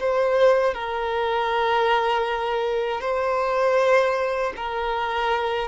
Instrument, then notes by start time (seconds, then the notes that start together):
violin
0.00 C5
0.74 A#4
3.01 C5
4.56 A#4